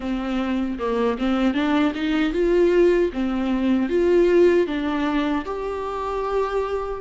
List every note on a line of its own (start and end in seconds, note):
0.00 0.78 C4
0.78 1.17 A#3
1.18 1.54 C4
1.54 1.93 D4
1.94 2.32 D#4
2.32 3.10 F4
3.12 3.89 C4
3.89 4.66 F4
4.66 5.44 D4
5.45 7.01 G4